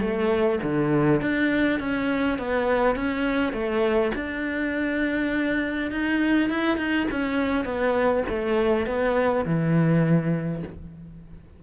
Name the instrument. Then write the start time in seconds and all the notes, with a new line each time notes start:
cello
0.00 A3
0.63 D3
1.21 D4
1.79 C#4
2.38 B3
2.95 C#4
3.53 A3
4.14 D4
5.91 D#4
6.49 E4
6.77 D#4
7.10 C#4
7.64 B3
8.28 A3
8.86 B3
9.45 E3